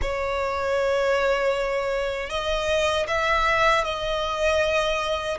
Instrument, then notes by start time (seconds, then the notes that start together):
violin
0.01 C#5
2.29 D#5
3.07 E5
3.84 D#5